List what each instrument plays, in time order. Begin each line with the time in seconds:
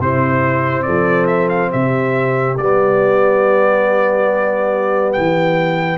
0.00 tuba C3, trombone C4, horn E4, trumpet C5
0.83 tuba F3, horn A4, trumpet D5
1.27 trumpet E5
1.49 trumpet F5
1.71 tuba C3, horn G4, trumpet E5
2.57 tuba G3, trombone B3, trumpet D5
5.13 tuba E3, trumpet G5